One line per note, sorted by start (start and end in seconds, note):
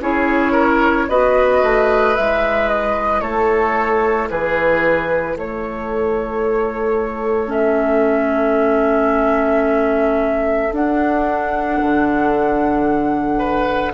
0.00 1.07 C#4
0.00 1.08 E4
0.00 0.52 G#4
0.00 1.09 C#5
0.52 1.06 A#4
1.08 1.62 B3
1.08 2.15 F#4
1.08 3.22 B4
1.08 2.15 D#5
1.62 2.16 A3
2.15 3.21 G#3
2.15 7.47 E4
2.15 2.68 E5
2.68 3.21 D#5
3.21 4.29 A3
3.21 4.29 A4
3.21 4.28 C#5
4.30 5.35 E3
4.30 5.36 G#4
4.30 5.37 B4
5.35 10.71 A3
5.35 13.38 A4
5.35 7.52 C#5
7.47 10.69 C#4
7.47 10.73 E5
10.72 11.79 D4
10.72 13.94 D4
10.72 13.94 F#5
11.82 13.94 D3
13.38 13.92 B4